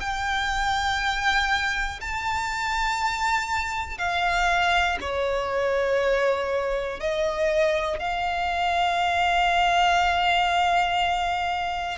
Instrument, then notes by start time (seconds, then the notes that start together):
violin
0.00 G5
2.00 A5
3.98 F5
5.01 C#5
7.00 D#5
7.99 F5